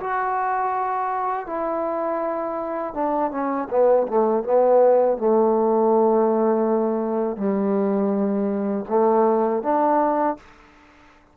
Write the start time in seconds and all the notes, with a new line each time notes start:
0.00 F#4
1.46 E4
2.94 D4
3.31 C#4
3.70 B3
4.07 A3
4.43 B3
5.18 A3
7.36 G3
8.89 A3
9.63 D4